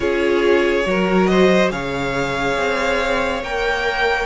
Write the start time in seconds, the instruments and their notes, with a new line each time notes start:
0.00 cello C#4, viola F4, violin G#4 C#5
0.85 cello F#3, viola F#4, violin A#4
1.26 violin C5 D#5
1.71 cello C#3, viola G#4, violin C#5 F5
2.57 cello C4
3.42 cello A#3, viola A#4, violin G5